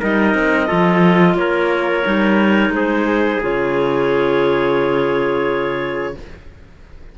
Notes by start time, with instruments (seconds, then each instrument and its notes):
0.00 cello G3, clarinet D#4 D#5, trumpet A#4
0.34 cello C4
0.67 cello F3, clarinet F4, trumpet A4
1.35 cello A#3, trumpet A#4, clarinet C#5
2.05 cello G3, clarinet D#4
2.70 cello G#3, trumpet G#4, clarinet C5
3.42 cello C#3, clarinet F4 C#5